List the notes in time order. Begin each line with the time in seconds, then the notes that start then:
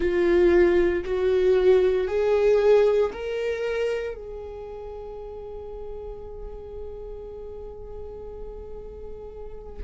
0.00 F4
1.04 F#4
2.07 G#4
3.13 A#4
4.14 G#4